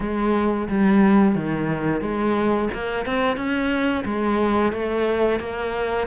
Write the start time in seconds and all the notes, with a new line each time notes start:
0.00 G#3
0.68 G3
1.35 D#3
2.01 G#3
2.73 A#3
3.05 C4
3.36 C#4
4.04 G#3
4.72 A3
5.39 A#3